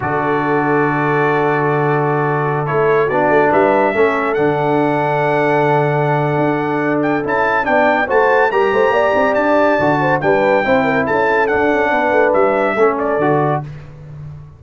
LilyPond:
<<
  \new Staff \with { instrumentName = "trumpet" } { \time 4/4 \tempo 4 = 141 d''1~ | d''2~ d''16 cis''4 d''8.~ | d''16 e''2 fis''4.~ fis''16~ | fis''1~ |
fis''8 g''8 a''4 g''4 a''4 | ais''2 a''2 | g''2 a''4 fis''4~ | fis''4 e''4. d''4. | }
  \new Staff \with { instrumentName = "horn" } { \time 4/4 a'1~ | a'2.~ a'16 fis'8.~ | fis'16 b'4 a'2~ a'8.~ | a'1~ |
a'2 d''4 c''4 | ais'8 c''8 d''2~ d''8 c''8 | b'4 c''8 ais'8 a'2 | b'2 a'2 | }
  \new Staff \with { instrumentName = "trombone" } { \time 4/4 fis'1~ | fis'2~ fis'16 e'4 d'8.~ | d'4~ d'16 cis'4 d'4.~ d'16~ | d'1~ |
d'4 e'4 d'4 fis'4 | g'2. fis'4 | d'4 e'2 d'4~ | d'2 cis'4 fis'4 | }
  \new Staff \with { instrumentName = "tuba" } { \time 4/4 d1~ | d2~ d16 a4 b8 a16~ | a16 g4 a4 d4.~ d16~ | d2. d'4~ |
d'4 cis'4 b4 a4 | g8 a8 ais8 c'8 d'4 d4 | g4 c'4 cis'4 d'8 cis'8 | b8 a8 g4 a4 d4 | }
>>